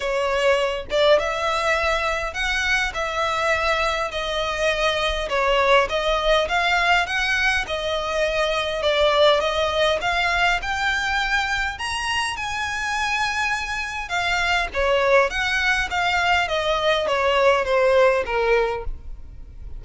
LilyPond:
\new Staff \with { instrumentName = "violin" } { \time 4/4 \tempo 4 = 102 cis''4. d''8 e''2 | fis''4 e''2 dis''4~ | dis''4 cis''4 dis''4 f''4 | fis''4 dis''2 d''4 |
dis''4 f''4 g''2 | ais''4 gis''2. | f''4 cis''4 fis''4 f''4 | dis''4 cis''4 c''4 ais'4 | }